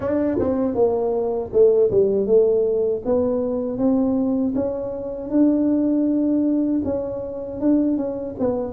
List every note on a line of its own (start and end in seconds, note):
0.00 0.38 D4
0.39 0.74 C4
0.74 1.50 A#3
1.52 1.90 A3
1.90 2.26 G3
2.26 3.02 A3
3.05 3.78 B3
3.78 4.54 C4
4.55 5.30 C#4
5.30 6.81 D4
6.84 7.60 C#4
7.60 7.97 D4
7.97 8.35 C#4
8.39 8.73 B3